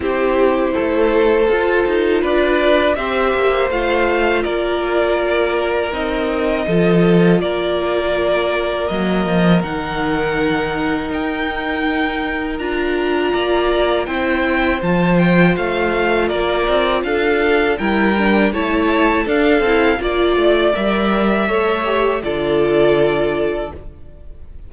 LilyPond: <<
  \new Staff \with { instrumentName = "violin" } { \time 4/4 \tempo 4 = 81 c''2. d''4 | e''4 f''4 d''2 | dis''2 d''2 | dis''4 fis''2 g''4~ |
g''4 ais''2 g''4 | a''8 g''8 f''4 d''4 f''4 | g''4 a''4 f''4 d''4 | e''2 d''2 | }
  \new Staff \with { instrumentName = "violin" } { \time 4/4 g'4 a'2 b'4 | c''2 ais'2~ | ais'4 a'4 ais'2~ | ais'1~ |
ais'2 d''4 c''4~ | c''2 ais'4 a'4 | ais'4 cis''4 a'4 d''4~ | d''4 cis''4 a'2 | }
  \new Staff \with { instrumentName = "viola" } { \time 4/4 e'2 f'2 | g'4 f'2. | dis'4 f'2. | ais4 dis'2.~ |
dis'4 f'2 e'4 | f'1 | e'8 d'8 e'4 d'8 e'8 f'4 | ais'4 a'8 g'8 f'2 | }
  \new Staff \with { instrumentName = "cello" } { \time 4/4 c'4 a4 f'8 dis'8 d'4 | c'8 ais8 a4 ais2 | c'4 f4 ais2 | fis8 f8 dis2 dis'4~ |
dis'4 d'4 ais4 c'4 | f4 a4 ais8 c'8 d'4 | g4 a4 d'8 c'8 ais8 a8 | g4 a4 d2 | }
>>